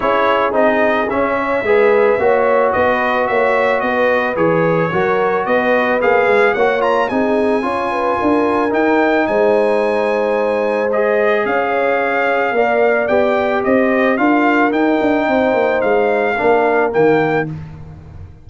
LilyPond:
<<
  \new Staff \with { instrumentName = "trumpet" } { \time 4/4 \tempo 4 = 110 cis''4 dis''4 e''2~ | e''4 dis''4 e''4 dis''4 | cis''2 dis''4 f''4 | fis''8 ais''8 gis''2. |
g''4 gis''2. | dis''4 f''2. | g''4 dis''4 f''4 g''4~ | g''4 f''2 g''4 | }
  \new Staff \with { instrumentName = "horn" } { \time 4/4 gis'2~ gis'8 cis''8 b'4 | cis''4 b'4 cis''4 b'4~ | b'4 ais'4 b'2 | cis''4 gis'4 cis''8 b'8 ais'4~ |
ais'4 c''2.~ | c''4 cis''2 d''4~ | d''4 c''4 ais'2 | c''2 ais'2 | }
  \new Staff \with { instrumentName = "trombone" } { \time 4/4 e'4 dis'4 cis'4 gis'4 | fis'1 | gis'4 fis'2 gis'4 | fis'8 f'8 dis'4 f'2 |
dis'1 | gis'2. ais'4 | g'2 f'4 dis'4~ | dis'2 d'4 ais4 | }
  \new Staff \with { instrumentName = "tuba" } { \time 4/4 cis'4 c'4 cis'4 gis4 | ais4 b4 ais4 b4 | e4 fis4 b4 ais8 gis8 | ais4 c'4 cis'4 d'4 |
dis'4 gis2.~ | gis4 cis'2 ais4 | b4 c'4 d'4 dis'8 d'8 | c'8 ais8 gis4 ais4 dis4 | }
>>